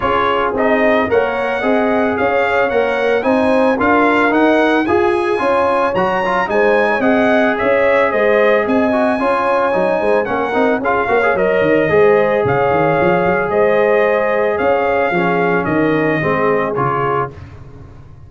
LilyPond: <<
  \new Staff \with { instrumentName = "trumpet" } { \time 4/4 \tempo 4 = 111 cis''4 dis''4 fis''2 | f''4 fis''4 gis''4 f''4 | fis''4 gis''2 ais''4 | gis''4 fis''4 e''4 dis''4 |
gis''2. fis''4 | f''4 dis''2 f''4~ | f''4 dis''2 f''4~ | f''4 dis''2 cis''4 | }
  \new Staff \with { instrumentName = "horn" } { \time 4/4 gis'2 cis''4 dis''4 | cis''2 c''4 ais'4~ | ais'4 gis'4 cis''2 | c''8. cis''16 dis''4 cis''4 c''4 |
dis''4 cis''4. c''8 ais'4 | gis'8 cis''4. c''4 cis''4~ | cis''4 c''2 cis''4 | gis'4 ais'4 gis'2 | }
  \new Staff \with { instrumentName = "trombone" } { \time 4/4 f'4 dis'4 ais'4 gis'4~ | gis'4 ais'4 dis'4 f'4 | dis'4 gis'4 f'4 fis'8 f'8 | dis'4 gis'2.~ |
gis'8 fis'8 f'4 dis'4 cis'8 dis'8 | f'8 fis'16 gis'16 ais'4 gis'2~ | gis'1 | cis'2 c'4 f'4 | }
  \new Staff \with { instrumentName = "tuba" } { \time 4/4 cis'4 c'4 ais4 c'4 | cis'4 ais4 c'4 d'4 | dis'4 f'4 cis'4 fis4 | gis4 c'4 cis'4 gis4 |
c'4 cis'4 fis8 gis8 ais8 c'8 | cis'8 ais8 fis8 dis8 gis4 cis8 dis8 | f8 fis8 gis2 cis'4 | f4 dis4 gis4 cis4 | }
>>